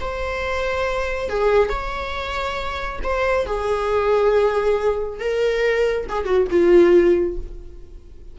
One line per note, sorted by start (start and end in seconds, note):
0.00 1.29 C5
1.29 1.69 G#4
1.69 2.99 C#5
3.03 3.46 C5
3.46 5.20 G#4
5.20 6.07 A#4
6.08 6.25 G#4
6.25 6.47 F#4
6.50 7.37 F4